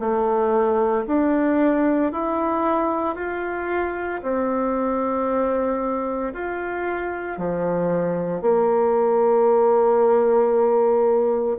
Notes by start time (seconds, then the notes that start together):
0.00 A3
1.07 D4
2.12 E4
3.15 F4
4.22 C4
6.33 F4
7.38 F3
8.42 A#3